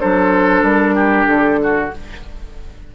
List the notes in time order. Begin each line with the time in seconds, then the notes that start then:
0.00 F#3 D4 A4 C5
0.62 G3 A#4
0.95 G4
1.27 D3 A4
1.63 F#4